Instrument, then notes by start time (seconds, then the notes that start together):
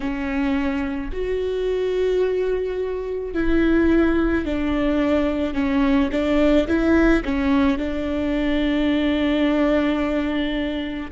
viola
0.00 C#4
1.12 F#4
3.33 E4
4.45 D4
5.54 C#4
6.11 D4
6.67 E4
7.24 C#4
7.78 D4